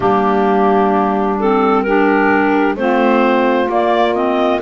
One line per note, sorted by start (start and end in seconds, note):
0.00 2.75 G3
0.00 1.37 A#3
0.00 1.83 D4
0.00 1.38 G4
1.39 1.87 C4
1.39 1.82 A4
1.82 2.77 D4
1.82 2.76 G4
1.82 2.75 A#4
2.75 3.68 A3
2.75 3.67 C4
2.75 4.61 F4
2.75 3.69 C5
3.67 4.13 A#3
3.67 4.61 A#3
3.67 4.14 D5
4.14 4.60 C4
4.14 4.60 D#5